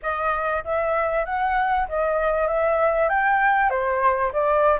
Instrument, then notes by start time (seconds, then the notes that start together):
flute
0.02 D#5
0.64 E5
1.25 F#5
1.88 D#5
2.47 E5
3.09 G5
3.69 C5
4.32 D5